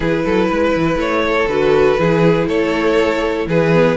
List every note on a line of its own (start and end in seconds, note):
0.00 0.24 E3
0.00 1.47 E4
0.00 0.24 G#4
0.00 0.96 B4
0.25 0.50 F#3
0.25 0.48 A4
0.48 0.75 G#3
0.48 1.22 B4
0.75 0.95 E3
0.95 1.45 A3
0.95 1.48 C#5
1.27 2.00 A4
1.47 1.96 D3
1.47 1.98 F#4
1.47 2.47 B4
1.98 2.47 E3
1.98 3.71 E4
1.98 2.48 G#4
2.47 3.46 A3
2.47 3.47 A4
2.47 3.47 C#5
3.46 3.95 E3
3.46 3.96 G#4
3.46 3.96 B4
3.73 3.96 B3